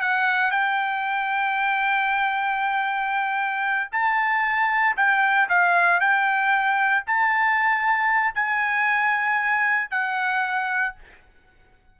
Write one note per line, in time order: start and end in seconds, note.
0.00 0.51 F#5
0.51 3.90 G5
3.92 4.96 A5
4.96 5.48 G5
5.49 6.00 F5
6.00 7.04 G5
7.06 8.34 A5
8.34 9.90 G#5
9.90 10.95 F#5